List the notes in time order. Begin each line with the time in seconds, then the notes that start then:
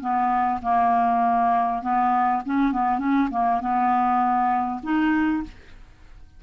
0.00 B3
0.62 A#3
1.82 B3
2.45 C#4
2.72 B3
2.98 C#4
3.30 A#3
3.60 B3
4.83 D#4